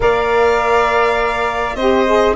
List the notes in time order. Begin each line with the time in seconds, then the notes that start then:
0.00 A#3 A#4 D5 F5
1.75 C4 G4 C5 D#5
2.06 G#4